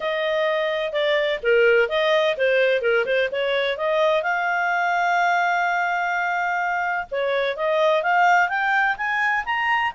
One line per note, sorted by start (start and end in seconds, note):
0.00 0.92 D#5
0.92 1.39 D5
1.43 1.88 A#4
1.88 2.36 D#5
2.37 2.81 C5
2.81 3.05 A#4
3.05 3.29 C5
3.31 3.77 C#5
3.77 4.22 D#5
4.22 7.06 F5
7.11 7.56 C#5
7.56 8.03 D#5
8.03 8.48 F5
8.48 8.95 G5
8.97 9.44 G#5
9.45 9.92 A#5